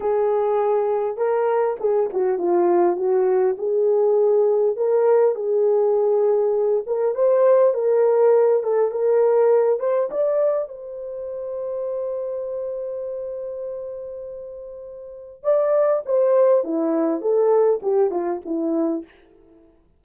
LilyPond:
\new Staff \with { instrumentName = "horn" } { \time 4/4 \tempo 4 = 101 gis'2 ais'4 gis'8 fis'8 | f'4 fis'4 gis'2 | ais'4 gis'2~ gis'8 ais'8 | c''4 ais'4. a'8 ais'4~ |
ais'8 c''8 d''4 c''2~ | c''1~ | c''2 d''4 c''4 | e'4 a'4 g'8 f'8 e'4 | }